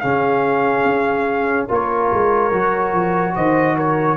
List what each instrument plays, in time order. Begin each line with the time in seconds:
0.00 tuba C#3, trombone C#4, horn G#4, trumpet F5
0.84 tuba C#4
1.68 tuba A#3, trombone F4, horn A#4, trumpet C#5
2.12 tuba G#3
2.51 tuba F#3, trombone F#4
2.93 tuba F3
3.35 tuba D#3, horn C5, trumpet D#5
3.75 horn A#4, trumpet C#5